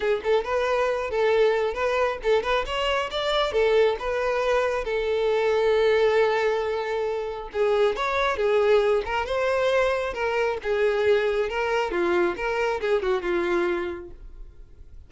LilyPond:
\new Staff \with { instrumentName = "violin" } { \time 4/4 \tempo 4 = 136 gis'8 a'8 b'4. a'4. | b'4 a'8 b'8 cis''4 d''4 | a'4 b'2 a'4~ | a'1~ |
a'4 gis'4 cis''4 gis'4~ | gis'8 ais'8 c''2 ais'4 | gis'2 ais'4 f'4 | ais'4 gis'8 fis'8 f'2 | }